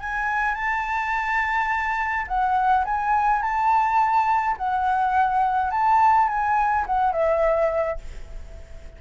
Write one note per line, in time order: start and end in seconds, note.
0.00 0.55 G#5
0.55 2.26 A5
2.28 2.85 F#5
2.85 3.42 G#5
3.42 4.57 A5
4.57 5.71 F#5
5.71 6.28 A5
6.28 6.85 G#5
6.87 7.13 F#5
7.13 7.98 E5